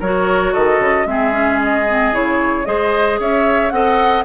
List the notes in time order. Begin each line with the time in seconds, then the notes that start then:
0.00 F#3 F#4 A#4 C#5
0.53 D#3 A4 D#5
0.79 C#3
1.06 G#3 C4 G#4 E5
1.32 C#4
1.63 D#5
1.89 C4
2.13 C#3 E4 C#5
2.64 G#3 G#4 C5 D#5
3.20 C#4 C#5 E5
3.70 C4 A4 D#5 F#5